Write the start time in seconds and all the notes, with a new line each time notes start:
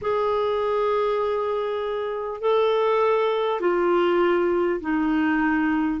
0.01 G#4
2.40 A4
3.60 F4
4.81 D#4